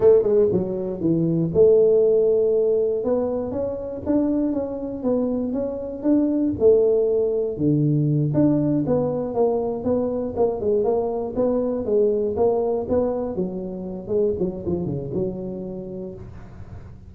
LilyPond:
\new Staff \with { instrumentName = "tuba" } { \time 4/4 \tempo 4 = 119 a8 gis8 fis4 e4 a4~ | a2 b4 cis'4 | d'4 cis'4 b4 cis'4 | d'4 a2 d4~ |
d8 d'4 b4 ais4 b8~ | b8 ais8 gis8 ais4 b4 gis8~ | gis8 ais4 b4 fis4. | gis8 fis8 f8 cis8 fis2 | }